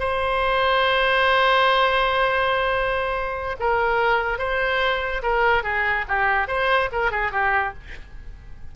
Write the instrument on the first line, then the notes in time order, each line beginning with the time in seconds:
oboe
0.00 C5
3.60 A#4
4.38 C5
5.23 A#4
5.63 G#4
6.08 G4
6.48 C5
6.92 A#4
7.11 G#4
7.32 G4